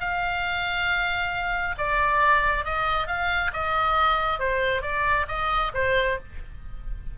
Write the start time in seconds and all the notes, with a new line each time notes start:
0.00 F5
1.78 D5
2.65 D#5
3.07 F5
3.53 D#5
4.39 C5
4.82 D5
5.28 D#5
5.74 C5